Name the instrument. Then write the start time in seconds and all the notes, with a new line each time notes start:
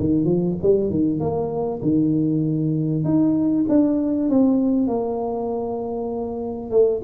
tuba
0.00 D#3
0.25 F3
0.63 G3
0.90 D#3
1.20 A#3
1.83 D#3
3.05 D#4
3.69 D4
4.30 C4
4.88 A#3
6.71 A3